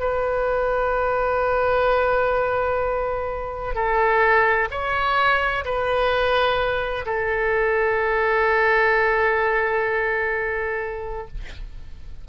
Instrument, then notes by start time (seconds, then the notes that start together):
oboe
0.00 B4
3.75 A4
4.71 C#5
5.65 B4
7.06 A4